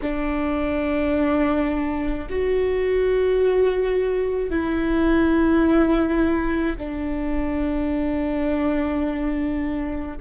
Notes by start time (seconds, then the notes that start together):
0.02 D4
2.30 F#4
4.50 E4
6.77 D4